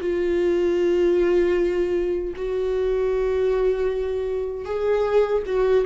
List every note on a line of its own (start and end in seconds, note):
0.00 2.34 F4
2.36 4.65 F#4
4.65 5.43 G#4
5.46 5.85 F#4